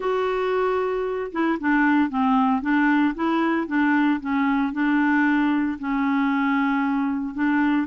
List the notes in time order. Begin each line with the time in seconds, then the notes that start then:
0.00 F#4
1.32 E4
1.59 D4
2.09 C4
2.61 D4
3.14 E4
3.67 D4
4.20 C#4
4.72 D4
5.79 C#4
7.34 D4